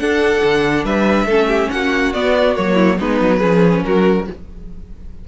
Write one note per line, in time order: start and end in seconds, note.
0.00 0.43 D4
0.00 1.28 D4
0.00 0.85 A4
0.00 0.85 F#5
0.44 0.84 D3
0.84 1.25 G3
0.84 1.26 B4
0.84 1.71 E5
1.25 1.68 A3
1.25 2.15 C#4
1.25 1.47 A4
1.48 1.69 G4
1.71 2.15 A#3
1.71 2.75 F#4
1.71 2.13 F#5
2.14 2.57 B3
2.14 2.56 B3
2.14 2.56 D5
2.56 3.00 F#3
2.56 2.98 A#3
2.56 2.98 C#5
2.75 2.96 E4
2.99 3.21 G#3
2.99 3.41 B3
2.99 3.39 D#4
2.99 3.84 B4
3.21 3.42 F#3
3.39 3.85 F3
3.39 4.26 C#4
3.39 3.81 G#4
3.84 4.27 F#3
3.84 4.29 F#4
3.84 4.27 A#4